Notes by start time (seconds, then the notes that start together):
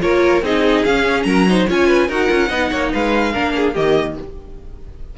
0.00 A#3 F4 A#4 C#5
0.42 C4 D#4 G#4 D#5
0.84 C#4 F5
1.23 F#3 A#4 A#5
1.48 D#4 C5
1.67 C#4 F4 C#5 G#5
1.87 B4
2.07 D#4 F#4 A#4 F#5
2.28 C#4 F4
2.48 B3 D#4 D#5
2.71 A#3 C#5
2.92 G#3 B4 F5
3.32 A#3 D4 A#4
3.55 G#4
3.73 D#3 A#3 G4 D#5